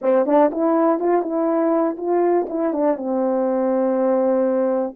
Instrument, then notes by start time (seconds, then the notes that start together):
horn
0.01 C4
0.26 D4
0.51 E4
0.99 F4
1.22 E4
1.97 F4
2.49 E4
2.73 D4
2.96 C4